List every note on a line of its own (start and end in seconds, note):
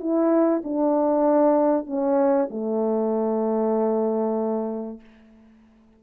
0.00 0.62 E4
0.64 1.87 D4
1.87 2.49 C#4
2.50 5.00 A3